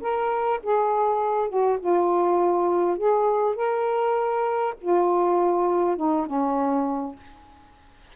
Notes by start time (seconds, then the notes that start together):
0.00 A#4
0.63 G#4
1.49 F#4
1.79 F4
2.97 G#4
3.55 A#4
4.81 F4
5.96 D#4
6.26 C#4